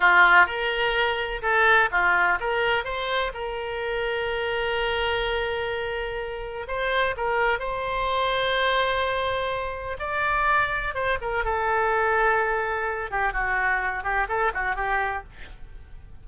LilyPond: \new Staff \with { instrumentName = "oboe" } { \time 4/4 \tempo 4 = 126 f'4 ais'2 a'4 | f'4 ais'4 c''4 ais'4~ | ais'1~ | ais'2 c''4 ais'4 |
c''1~ | c''4 d''2 c''8 ais'8 | a'2.~ a'8 g'8 | fis'4. g'8 a'8 fis'8 g'4 | }